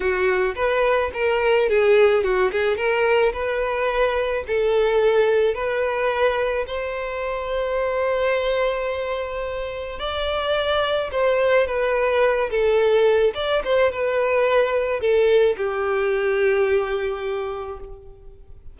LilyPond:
\new Staff \with { instrumentName = "violin" } { \time 4/4 \tempo 4 = 108 fis'4 b'4 ais'4 gis'4 | fis'8 gis'8 ais'4 b'2 | a'2 b'2 | c''1~ |
c''2 d''2 | c''4 b'4. a'4. | d''8 c''8 b'2 a'4 | g'1 | }